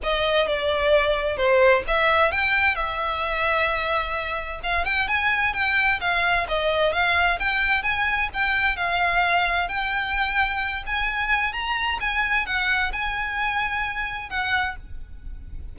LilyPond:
\new Staff \with { instrumentName = "violin" } { \time 4/4 \tempo 4 = 130 dis''4 d''2 c''4 | e''4 g''4 e''2~ | e''2 f''8 g''8 gis''4 | g''4 f''4 dis''4 f''4 |
g''4 gis''4 g''4 f''4~ | f''4 g''2~ g''8 gis''8~ | gis''4 ais''4 gis''4 fis''4 | gis''2. fis''4 | }